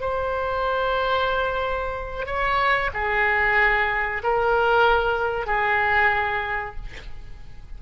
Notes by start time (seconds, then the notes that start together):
0.00 C5
2.26 C#5
2.93 G#4
4.23 A#4
5.46 G#4